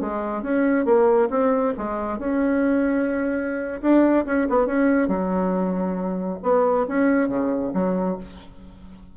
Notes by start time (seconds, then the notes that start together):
0.00 G#3
0.42 C#4
0.85 A#3
1.30 C4
1.77 G#3
2.18 C#4
3.81 D4
4.25 C#4
4.49 B3
4.66 C#4
5.08 F#3
6.42 B3
6.88 C#4
7.28 C#3
7.73 F#3